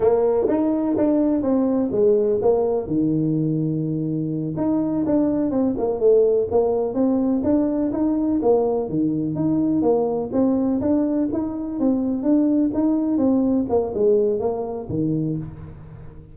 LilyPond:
\new Staff \with { instrumentName = "tuba" } { \time 4/4 \tempo 4 = 125 ais4 dis'4 d'4 c'4 | gis4 ais4 dis2~ | dis4. dis'4 d'4 c'8 | ais8 a4 ais4 c'4 d'8~ |
d'8 dis'4 ais4 dis4 dis'8~ | dis'8 ais4 c'4 d'4 dis'8~ | dis'8 c'4 d'4 dis'4 c'8~ | c'8 ais8 gis4 ais4 dis4 | }